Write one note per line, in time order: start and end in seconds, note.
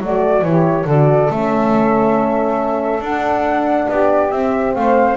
0.00 0.41 F#3
0.00 0.42 A3
0.00 0.46 F#4
0.00 0.44 D5
0.41 0.85 E3
0.41 0.86 E4
0.41 0.85 G4
0.41 0.87 C#5
0.85 1.28 D3
0.85 1.30 F#4
0.85 3.88 A4
0.85 1.31 D5
1.30 3.00 A3
1.30 3.02 C#4
1.30 3.03 E5
3.00 3.86 D4
3.00 4.32 D4
3.00 3.89 F#5
3.89 4.32 B3
3.89 4.75 G4
3.89 4.31 D5
4.31 4.75 C4
4.31 5.17 C4
4.31 4.74 E5
4.74 5.17 A3
4.74 5.17 C5
4.74 5.17 F5